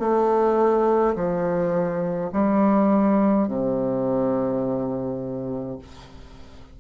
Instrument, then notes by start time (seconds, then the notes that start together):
bassoon
0.00 A3
1.15 F3
2.33 G3
3.48 C3